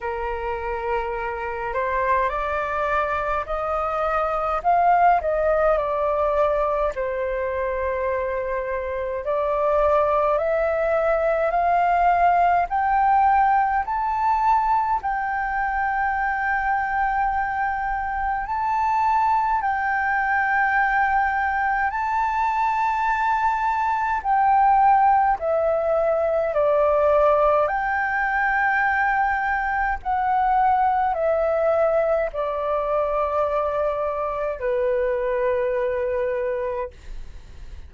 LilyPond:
\new Staff \with { instrumentName = "flute" } { \time 4/4 \tempo 4 = 52 ais'4. c''8 d''4 dis''4 | f''8 dis''8 d''4 c''2 | d''4 e''4 f''4 g''4 | a''4 g''2. |
a''4 g''2 a''4~ | a''4 g''4 e''4 d''4 | g''2 fis''4 e''4 | d''2 b'2 | }